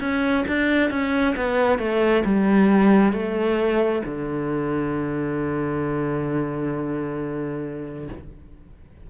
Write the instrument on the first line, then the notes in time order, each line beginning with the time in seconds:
cello
0.00 C#4
0.48 D4
0.90 C#4
1.36 B3
1.79 A3
2.25 G3
3.13 A3
4.05 D3